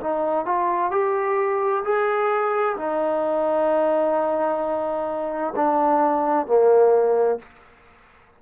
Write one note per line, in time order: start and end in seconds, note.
0.00 0.45 D#4
0.45 0.91 F4
0.91 1.83 G4
1.84 2.76 G#4
2.77 5.53 D#4
5.56 6.46 D4
6.46 7.38 A#3